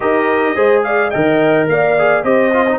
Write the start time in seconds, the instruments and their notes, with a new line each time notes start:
0.00 tuba D#4, trombone G4, horn A#4, trumpet D#5
0.55 tuba G#3, trombone G#4, horn C5
0.83 horn D5, trumpet F5
1.10 tuba D#3, trombone A#4, horn D#5, trumpet G5
1.68 tuba A#3, horn D5, trumpet F5
1.98 trombone G#4
2.23 tuba C4, trombone G4, horn C5, trumpet D#5
2.52 trombone F4
2.67 trombone D#4